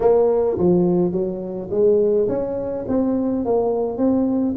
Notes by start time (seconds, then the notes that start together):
0.00 A#3
0.58 F3
1.11 F#3
1.71 G#3
2.28 C#4
2.88 C4
3.45 A#3
3.97 C4